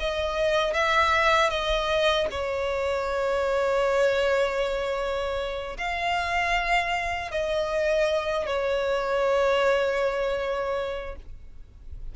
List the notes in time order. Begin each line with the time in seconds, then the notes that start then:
0.00 D#5
0.74 E5
1.51 D#5
2.31 C#5
5.78 F5
7.32 D#5
8.47 C#5